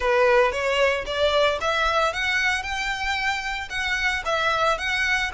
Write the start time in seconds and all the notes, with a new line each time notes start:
0.00 B4
0.51 C#5
1.05 D5
1.60 E5
2.13 F#5
2.62 G5
3.69 F#5
4.25 E5
4.78 F#5